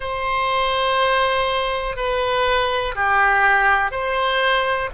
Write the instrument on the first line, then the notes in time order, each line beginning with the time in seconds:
oboe
0.00 C5
1.96 B4
2.95 G4
3.91 C5